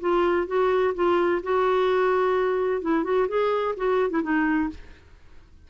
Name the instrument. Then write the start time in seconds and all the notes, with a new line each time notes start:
clarinet
0.00 F4
0.47 F#4
0.95 F4
1.43 F#4
2.82 E4
3.04 F#4
3.28 G#4
3.77 F#4
4.10 E4
4.23 D#4